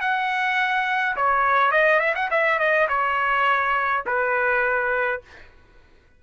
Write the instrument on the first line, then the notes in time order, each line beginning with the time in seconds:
trumpet
0.00 F#5
1.16 C#5
1.71 D#5
2.00 E5
2.15 F#5
2.30 E5
2.59 D#5
2.88 C#5
4.06 B4